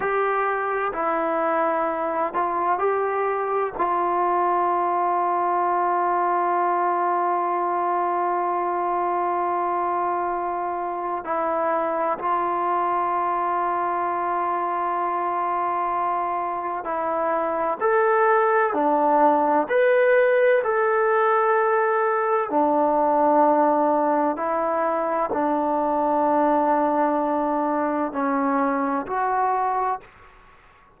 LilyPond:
\new Staff \with { instrumentName = "trombone" } { \time 4/4 \tempo 4 = 64 g'4 e'4. f'8 g'4 | f'1~ | f'1 | e'4 f'2.~ |
f'2 e'4 a'4 | d'4 b'4 a'2 | d'2 e'4 d'4~ | d'2 cis'4 fis'4 | }